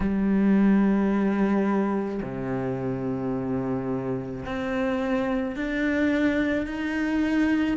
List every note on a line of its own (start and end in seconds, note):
0.00 2.21 G3
2.22 4.44 C3
4.45 5.56 C4
5.56 6.66 D4
6.66 7.77 D#4